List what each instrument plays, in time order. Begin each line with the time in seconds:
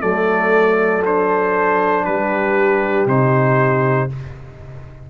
0.00 tuba F#3, trombone A3, horn A4, trumpet D5
1.05 trombone D4, trumpet C5
2.05 tuba G3, horn G4, trumpet B4
3.06 tuba C3, trombone D#4, trumpet C5